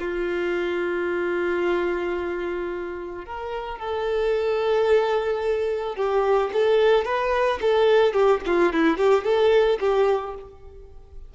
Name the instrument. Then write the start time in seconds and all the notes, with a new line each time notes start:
violin
0.00 F4
3.26 A#4
3.79 A4
5.96 G4
6.53 A4
7.05 B4
7.62 A4
8.13 G4
8.46 F4
8.73 E4
8.97 G4
9.25 A4
9.80 G4